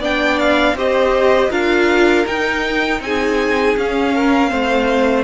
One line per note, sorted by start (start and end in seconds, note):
0.00 0.75 B3
0.00 0.77 D4
0.00 0.75 D5
0.00 0.40 G5
0.40 0.77 F5
0.75 1.50 C4
0.75 1.51 G4
0.75 1.51 C5
0.75 1.52 D#5
1.51 2.26 D4
1.51 2.26 F4
1.51 3.01 A#4
1.51 2.27 F5
2.27 3.78 D#4
2.27 3.01 D#4
2.27 3.02 G5
3.01 3.76 C4
3.01 4.15 G#4
3.01 3.77 G#5
3.77 4.52 C#4
3.77 4.49 C#4
3.77 5.24 F5
4.15 4.50 A#4
4.49 5.24 A3
4.49 5.24 C4
4.49 5.24 C5